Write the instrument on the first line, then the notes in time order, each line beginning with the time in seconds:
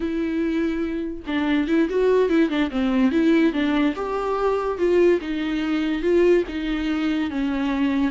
viola
0.00 E4
1.26 D4
1.67 E4
1.89 F#4
2.29 E4
2.49 D4
2.70 C4
3.11 E4
3.52 D4
3.95 G4
4.78 F4
5.21 D#4
6.02 F4
6.48 D#4
7.30 C#4